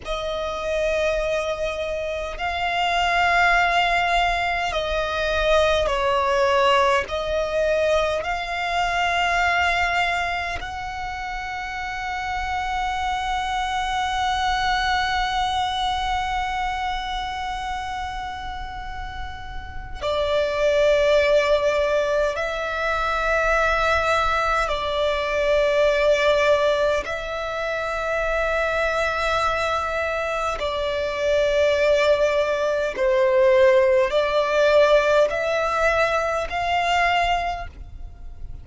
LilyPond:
\new Staff \with { instrumentName = "violin" } { \time 4/4 \tempo 4 = 51 dis''2 f''2 | dis''4 cis''4 dis''4 f''4~ | f''4 fis''2.~ | fis''1~ |
fis''4 d''2 e''4~ | e''4 d''2 e''4~ | e''2 d''2 | c''4 d''4 e''4 f''4 | }